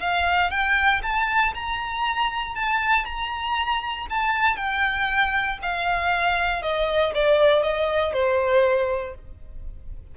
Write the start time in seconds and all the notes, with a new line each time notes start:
0.00 F5
0.51 G5
1.03 A5
1.55 A#5
2.55 A5
3.05 A#5
4.10 A5
4.57 G5
5.62 F5
6.62 D#5
7.14 D5
7.63 D#5
8.13 C5